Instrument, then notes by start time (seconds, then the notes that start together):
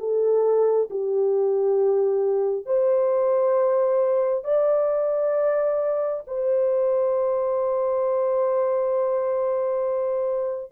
horn
0.00 A4
0.90 G4
2.66 C5
4.45 D5
6.28 C5